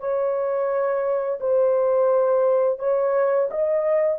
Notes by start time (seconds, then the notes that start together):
0.00 C#5
1.40 C5
2.79 C#5
3.51 D#5